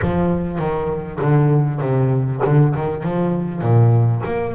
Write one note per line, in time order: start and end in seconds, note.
0.01 0.59 F3
0.59 1.19 D#3
1.21 1.80 D3
1.80 2.41 C3
2.45 2.75 D3
2.75 3.03 D#3
3.03 3.61 F3
3.61 4.22 A#2
4.25 4.54 A#3